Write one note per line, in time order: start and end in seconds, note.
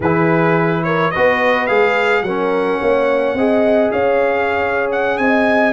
0.00 1.11 E3
0.00 1.14 E4
0.00 0.84 G#4
0.00 0.83 B4
0.83 1.12 A#4
0.83 1.11 C#5
1.11 1.69 B3
1.11 1.68 F#4
1.11 2.24 B4
1.11 1.66 D#5
1.66 2.21 G#3
1.66 2.24 G#4
1.66 2.22 F5
2.21 2.78 F#3
2.21 3.38 C#4
2.21 2.80 A#4
2.21 3.91 F#5
2.80 3.34 A#3
2.80 3.36 C#5
3.34 3.90 C4
3.34 5.73 G#4
3.34 3.93 D#5
3.91 5.18 C#4
3.91 5.19 C#5
3.91 4.89 F5
4.91 5.17 F#5
5.17 5.73 C4
5.17 5.73 D#5
5.17 5.73 G#5